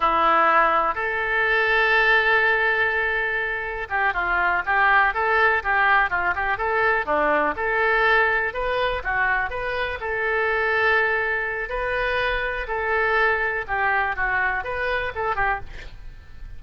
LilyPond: \new Staff \with { instrumentName = "oboe" } { \time 4/4 \tempo 4 = 123 e'2 a'2~ | a'1 | g'8 f'4 g'4 a'4 g'8~ | g'8 f'8 g'8 a'4 d'4 a'8~ |
a'4. b'4 fis'4 b'8~ | b'8 a'2.~ a'8 | b'2 a'2 | g'4 fis'4 b'4 a'8 g'8 | }